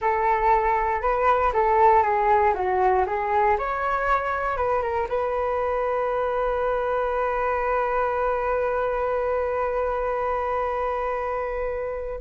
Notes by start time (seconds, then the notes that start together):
0.01 A4
1.01 B4
1.53 A4
2.02 G#4
2.54 F#4
3.06 G#4
3.58 C#5
4.56 B4
4.82 A#4
5.08 B4